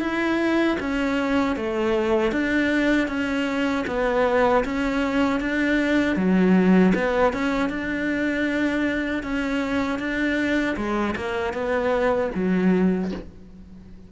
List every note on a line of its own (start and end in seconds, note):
0.00 0.77 E4
0.80 1.56 C#4
1.56 2.31 A3
2.31 3.08 D4
3.08 3.85 C#4
3.87 4.64 B3
4.65 5.40 C#4
5.40 6.16 D4
6.16 6.93 F#3
6.94 7.33 B3
7.33 7.69 C#4
7.69 9.23 D4
9.23 9.99 C#4
9.99 10.76 D4
10.76 11.15 G#3
11.16 11.53 A#3
11.53 12.30 B3
12.34 13.11 F#3